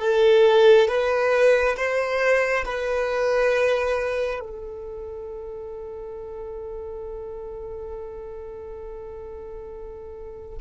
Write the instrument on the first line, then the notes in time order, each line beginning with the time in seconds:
violin
0.00 A4
0.88 B4
1.76 C5
2.65 B4
4.40 A4